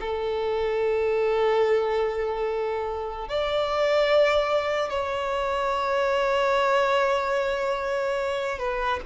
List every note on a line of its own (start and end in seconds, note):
0.00 3.28 A4
3.28 4.89 D5
4.89 8.58 C#5
8.58 8.99 B4